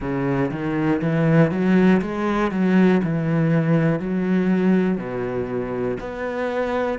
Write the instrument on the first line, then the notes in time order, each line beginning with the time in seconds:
cello
0.00 C#3
0.50 D#3
1.01 E3
1.51 F#3
2.01 G#3
2.50 F#3
3.03 E3
4.00 F#3
4.97 B2
6.00 B3